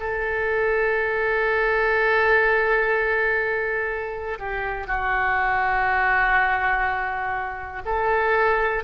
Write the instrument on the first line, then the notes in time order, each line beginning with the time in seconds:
oboe
0.00 A4
4.39 G4
4.87 F#4
7.85 A4